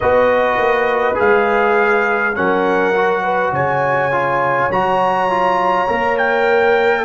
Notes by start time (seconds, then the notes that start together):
0.00 B3 F#4 B4 D#5
0.57 A#3
1.14 G#3 G#4 F5
2.35 F#3 C#4 A#4 F#5
2.94 F#4
3.22 B4
3.51 C#3 C#5 G#5
4.12 F4
4.70 F#3 F#4 A#5
5.30 F4
5.87 A#3 A#4
6.17 G5